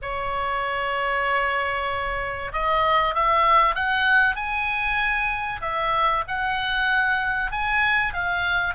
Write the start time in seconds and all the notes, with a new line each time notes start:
0.01 C#5
2.52 D#5
3.14 E5
3.75 F#5
4.35 G#5
5.61 E5
6.27 F#5
7.51 G#5
8.13 F5